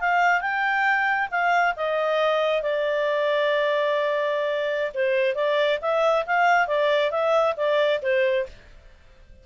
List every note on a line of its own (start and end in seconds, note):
0.00 0.41 F5
0.41 1.29 G5
1.31 1.75 F5
1.76 2.62 D#5
2.62 4.92 D5
4.94 5.35 C5
5.35 5.79 D5
5.81 6.25 E5
6.26 6.67 F5
6.67 7.11 D5
7.11 7.55 E5
7.56 8.00 D5
8.02 8.46 C5